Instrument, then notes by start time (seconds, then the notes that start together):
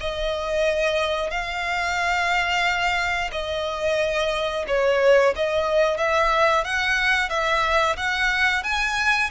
violin
0.00 D#5
1.30 F5
3.32 D#5
4.67 C#5
5.36 D#5
5.97 E5
6.64 F#5
7.29 E5
7.96 F#5
8.63 G#5